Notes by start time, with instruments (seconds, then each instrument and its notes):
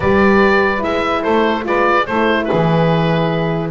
0.00 double bass G3, horn G4, saxophone B4, oboe D5
0.78 double bass G#3, horn E4, oboe E5
1.22 double bass A3, saxophone A4, oboe C5
1.64 double bass G#3, horn F4, saxophone B4, oboe D5
2.06 double bass A3, horn E4, saxophone A4, oboe C5
2.44 saxophone G#4, oboe B4
2.52 double bass E3